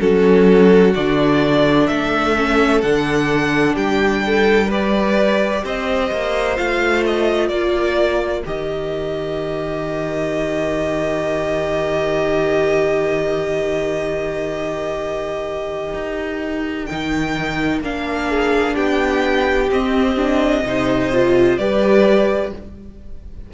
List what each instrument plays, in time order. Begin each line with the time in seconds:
0.00 cello F#3, viola C#4, violin F#4 A4
0.95 cello D3, viola D4, violin D5
1.87 cello A3, violin A4 E5
2.36 viola C#4
2.81 cello D3, viola D4, violin F#5
3.74 cello G3, violin G4 G5
4.26 violin A4
4.67 viola G4, violin B4 D5
5.64 cello C4, violin C5 D#5
6.11 cello A#3
6.56 cello A3, viola F4, violin F5
7.06 violin D#5
7.48 cello A#3, violin A#4 D5
8.45 cello D#3, viola G4, violin D#5
15.94 cello D#4
16.86 cello D#3, viola D#4, violin G5
17.81 cello A#3, viola D4, violin F5
18.30 violin G#4
18.76 cello B3, violin G4 G5
19.71 cello C4, viola C4, violin D#5
20.16 viola D4
20.63 cello C3, viola D#4, violin C5
21.13 viola F4
21.57 cello G3, viola G4, violin B4 D5